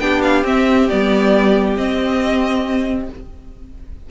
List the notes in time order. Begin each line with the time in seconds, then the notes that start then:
0.00 B3 D4 G4 G5
0.22 F5
0.44 C4 E5
0.89 G3 B3 D5
1.77 C4 D#5